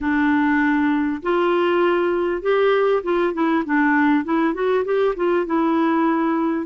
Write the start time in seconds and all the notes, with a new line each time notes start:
0.00 D4
1.22 F4
2.42 G4
3.03 F4
3.33 E4
3.65 D4
4.24 E4
4.53 F#4
4.84 G4
5.16 F4
5.45 E4